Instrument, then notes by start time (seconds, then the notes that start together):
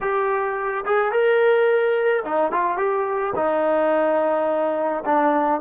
trombone
0.01 G4
0.85 G#4
1.12 A#4
2.24 D#4
2.52 F4
2.77 G4
3.35 D#4
5.05 D4